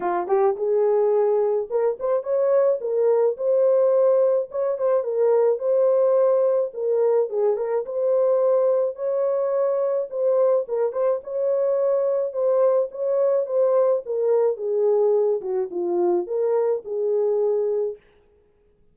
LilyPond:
\new Staff \with { instrumentName = "horn" } { \time 4/4 \tempo 4 = 107 f'8 g'8 gis'2 ais'8 c''8 | cis''4 ais'4 c''2 | cis''8 c''8 ais'4 c''2 | ais'4 gis'8 ais'8 c''2 |
cis''2 c''4 ais'8 c''8 | cis''2 c''4 cis''4 | c''4 ais'4 gis'4. fis'8 | f'4 ais'4 gis'2 | }